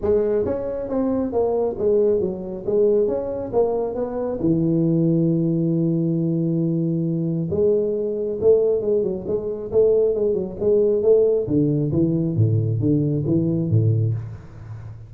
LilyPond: \new Staff \with { instrumentName = "tuba" } { \time 4/4 \tempo 4 = 136 gis4 cis'4 c'4 ais4 | gis4 fis4 gis4 cis'4 | ais4 b4 e2~ | e1~ |
e4 gis2 a4 | gis8 fis8 gis4 a4 gis8 fis8 | gis4 a4 d4 e4 | a,4 d4 e4 a,4 | }